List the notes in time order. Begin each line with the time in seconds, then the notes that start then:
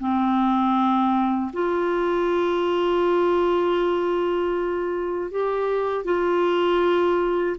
0.00 C4
1.53 F4
5.31 G4
6.05 F4